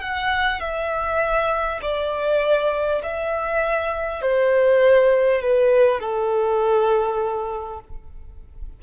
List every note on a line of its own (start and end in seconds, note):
0.00 0.60 F#5
0.60 1.80 E5
1.82 3.02 D5
3.03 4.21 E5
4.21 5.41 C5
5.42 5.99 B4
5.99 7.79 A4